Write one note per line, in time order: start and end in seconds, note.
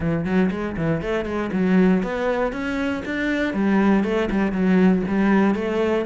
0.00 0.24 E3
0.24 0.50 F#3
0.50 0.75 G#3
0.76 1.01 E3
1.01 1.25 A3
1.25 1.50 G#3
1.52 2.02 F#3
2.02 2.52 B3
2.52 3.03 C#4
3.05 3.53 D4
3.53 4.04 G3
4.04 4.29 A3
4.30 4.52 G3
4.52 5.02 F#3
5.07 5.54 G3
5.54 6.05 A3